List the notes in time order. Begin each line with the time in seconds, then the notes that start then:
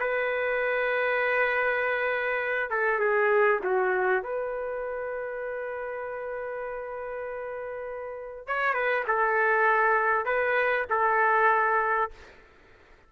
0.00 B4
2.70 A4
2.99 G#4
3.63 F#4
4.23 B4
8.47 C#5
8.74 B4
9.07 A4
10.25 B4
10.90 A4